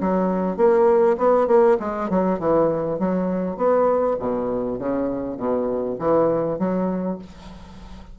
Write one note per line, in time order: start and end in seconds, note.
0.00 0.56 F#3
0.56 1.16 A#3
1.17 1.47 B3
1.47 1.77 A#3
1.79 2.09 G#3
2.09 2.39 F#3
2.39 2.99 E3
2.99 3.56 F#3
3.56 4.16 B3
4.19 4.79 B2
4.79 5.37 C#3
5.37 5.97 B2
5.99 6.59 E3
6.59 7.19 F#3